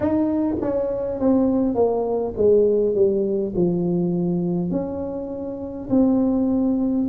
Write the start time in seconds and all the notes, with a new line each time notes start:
0.00 D#4
0.60 C#4
1.19 C4
1.74 A#3
2.36 G#3
2.94 G3
3.55 F3
4.71 C#4
5.90 C4